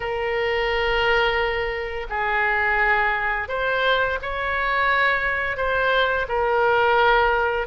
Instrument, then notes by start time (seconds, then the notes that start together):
oboe
0.00 A#4
2.09 G#4
3.48 C5
4.22 C#5
5.56 C5
6.28 A#4